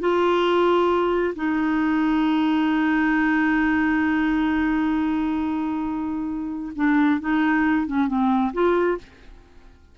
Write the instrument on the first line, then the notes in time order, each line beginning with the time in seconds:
clarinet
0.00 F4
1.36 D#4
6.76 D4
7.20 D#4
7.87 C#4
8.08 C4
8.53 F4